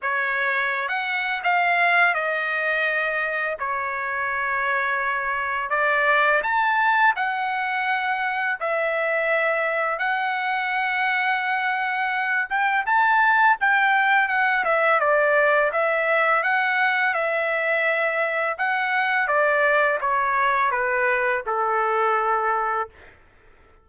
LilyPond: \new Staff \with { instrumentName = "trumpet" } { \time 4/4 \tempo 4 = 84 cis''4~ cis''16 fis''8. f''4 dis''4~ | dis''4 cis''2. | d''4 a''4 fis''2 | e''2 fis''2~ |
fis''4. g''8 a''4 g''4 | fis''8 e''8 d''4 e''4 fis''4 | e''2 fis''4 d''4 | cis''4 b'4 a'2 | }